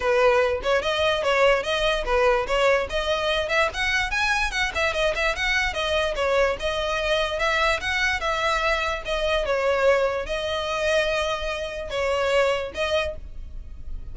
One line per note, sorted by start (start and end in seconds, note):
0.00 0.61 B4
0.63 0.82 C#5
0.82 1.23 D#5
1.23 1.63 C#5
1.63 2.04 D#5
2.05 2.46 B4
2.46 2.87 C#5
2.89 3.48 D#5
3.48 3.69 E5
3.73 4.11 F#5
4.11 4.51 G#5
4.51 4.71 F#5
4.74 4.93 E5
4.93 5.14 D#5
5.15 5.35 E5
5.35 5.73 F#5
5.73 6.14 D#5
6.15 6.56 C#5
6.59 7.39 D#5
7.39 7.80 E5
7.80 8.20 F#5
8.20 9.02 E5
9.05 9.45 D#5
9.45 10.25 C#5
10.25 11.90 D#5
11.90 12.72 C#5
12.74 13.15 D#5